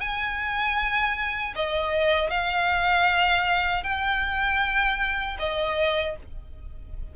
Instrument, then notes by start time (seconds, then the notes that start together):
violin
0.00 G#5
1.55 D#5
2.30 F5
3.83 G5
5.39 D#5